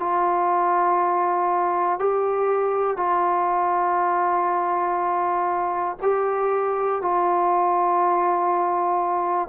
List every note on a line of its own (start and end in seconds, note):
0.00 2.00 F4
2.00 2.97 G4
2.97 5.97 F4
6.02 7.02 G4
7.02 9.49 F4